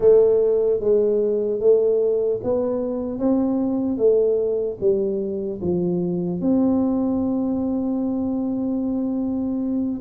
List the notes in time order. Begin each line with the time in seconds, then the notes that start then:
0.00 A3
0.80 G#3
1.60 A3
2.43 B3
3.18 C4
3.97 A3
4.80 G3
5.61 F3
6.40 C4